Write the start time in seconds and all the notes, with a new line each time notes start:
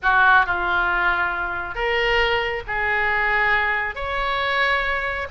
0.02 F#4
0.46 F4
1.74 A#4
2.67 G#4
3.95 C#5